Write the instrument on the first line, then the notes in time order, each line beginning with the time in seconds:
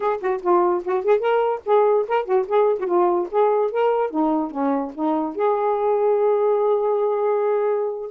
saxophone
0.00 G#4
0.20 F#4
0.42 F4
0.83 F#4
1.04 G#4
1.19 A#4
1.65 G#4
2.08 A#4
2.25 F#4
2.48 G#4
2.79 F#4
2.86 F4
3.31 G#4
3.71 A#4
4.10 D#4
4.51 C#4
4.94 D#4
5.35 G#4